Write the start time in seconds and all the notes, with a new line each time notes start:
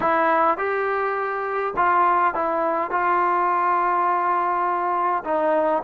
0.00 E4
0.57 G4
1.76 F4
2.34 E4
2.90 F4
5.24 D#4